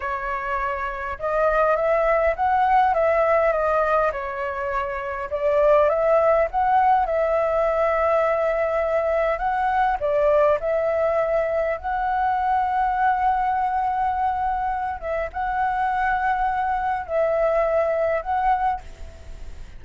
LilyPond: \new Staff \with { instrumentName = "flute" } { \time 4/4 \tempo 4 = 102 cis''2 dis''4 e''4 | fis''4 e''4 dis''4 cis''4~ | cis''4 d''4 e''4 fis''4 | e''1 |
fis''4 d''4 e''2 | fis''1~ | fis''4. e''8 fis''2~ | fis''4 e''2 fis''4 | }